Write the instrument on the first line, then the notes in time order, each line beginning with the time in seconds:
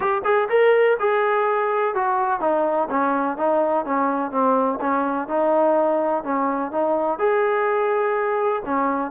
trombone
0.00 G4
0.24 G#4
0.49 A#4
0.99 G#4
1.94 F#4
2.40 D#4
2.89 C#4
3.37 D#4
3.85 C#4
4.31 C4
4.80 C#4
5.28 D#4
6.23 C#4
6.71 D#4
7.18 G#4
8.65 C#4